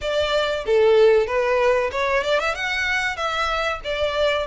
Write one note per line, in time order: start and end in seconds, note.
0.01 0.64 D5
0.66 1.26 A4
1.26 1.90 B4
1.91 2.23 C#5
2.23 2.39 D5
2.39 2.54 E5
2.54 3.16 F#5
3.16 3.80 E5
3.84 4.46 D5